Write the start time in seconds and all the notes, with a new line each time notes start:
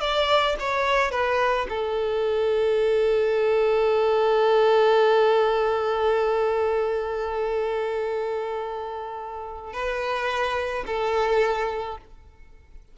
0.00 D5
0.60 C#5
1.11 B4
1.69 A4
9.73 B4
10.86 A4